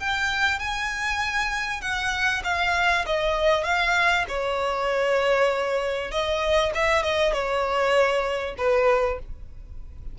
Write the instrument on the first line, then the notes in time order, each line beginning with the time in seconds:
violin
0.00 G5
0.59 G#5
1.81 F#5
2.44 F5
3.06 D#5
3.64 F5
4.29 C#5
6.11 D#5
6.75 E5
7.03 D#5
7.33 C#5
8.58 B4